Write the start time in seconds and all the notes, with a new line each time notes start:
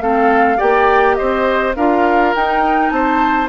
0.00 A3 C4 A4 F5
0.57 A#3 G4 D5 G5
1.15 C4 C5 D#5
1.76 D4 F4 A#4 F5
2.35 D#4 G5
2.90 C4 C5 A5